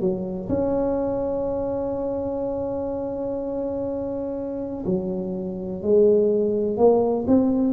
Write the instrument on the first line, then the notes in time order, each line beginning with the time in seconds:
tuba
0.00 F#3
0.49 C#4
4.86 F#3
5.82 G#3
6.77 A#3
7.27 C4